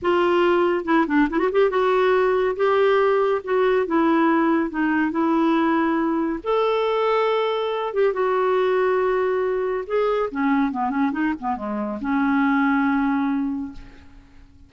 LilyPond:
\new Staff \with { instrumentName = "clarinet" } { \time 4/4 \tempo 4 = 140 f'2 e'8 d'8 e'16 fis'16 g'8 | fis'2 g'2 | fis'4 e'2 dis'4 | e'2. a'4~ |
a'2~ a'8 g'8 fis'4~ | fis'2. gis'4 | cis'4 b8 cis'8 dis'8 b8 gis4 | cis'1 | }